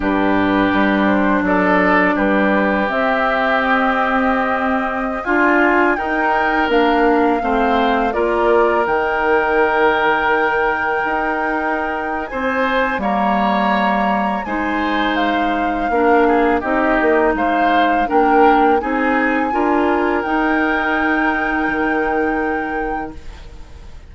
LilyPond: <<
  \new Staff \with { instrumentName = "flute" } { \time 4/4 \tempo 4 = 83 b'4. c''8 d''4 b'4 | e''4 dis''2~ dis''16 gis''8.~ | gis''16 g''4 f''2 d''8.~ | d''16 g''2.~ g''8.~ |
g''4 gis''4 ais''2 | gis''4 f''2 dis''4 | f''4 g''4 gis''2 | g''1 | }
  \new Staff \with { instrumentName = "oboe" } { \time 4/4 g'2 a'4 g'4~ | g'2.~ g'16 f'8.~ | f'16 ais'2 c''4 ais'8.~ | ais'1~ |
ais'4 c''4 cis''2 | c''2 ais'8 gis'8 g'4 | c''4 ais'4 gis'4 ais'4~ | ais'1 | }
  \new Staff \with { instrumentName = "clarinet" } { \time 4/4 d'1 | c'2.~ c'16 f'8.~ | f'16 dis'4 d'4 c'4 f'8.~ | f'16 dis'2.~ dis'8.~ |
dis'2 ais2 | dis'2 d'4 dis'4~ | dis'4 d'4 dis'4 f'4 | dis'1 | }
  \new Staff \with { instrumentName = "bassoon" } { \time 4/4 g,4 g4 fis4 g4 | c'2.~ c'16 d'8.~ | d'16 dis'4 ais4 a4 ais8.~ | ais16 dis2. dis'8.~ |
dis'4 c'4 g2 | gis2 ais4 c'8 ais8 | gis4 ais4 c'4 d'4 | dis'2 dis2 | }
>>